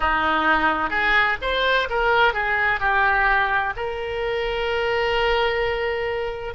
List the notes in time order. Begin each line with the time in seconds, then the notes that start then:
0.00 D#4
0.89 G#4
1.41 C5
1.89 A#4
2.33 G#4
2.80 G4
3.76 A#4